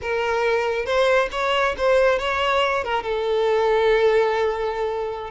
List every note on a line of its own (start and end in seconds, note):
0.01 0.85 A#4
0.85 1.28 C5
1.31 1.75 C#5
1.77 2.18 C5
2.18 2.83 C#5
2.83 3.03 A#4
3.03 5.30 A4